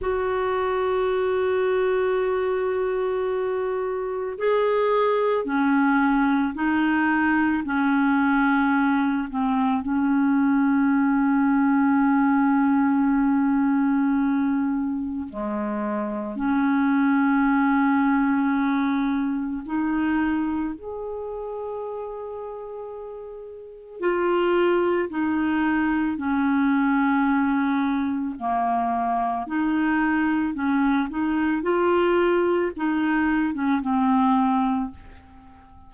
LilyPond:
\new Staff \with { instrumentName = "clarinet" } { \time 4/4 \tempo 4 = 55 fis'1 | gis'4 cis'4 dis'4 cis'4~ | cis'8 c'8 cis'2.~ | cis'2 gis4 cis'4~ |
cis'2 dis'4 gis'4~ | gis'2 f'4 dis'4 | cis'2 ais4 dis'4 | cis'8 dis'8 f'4 dis'8. cis'16 c'4 | }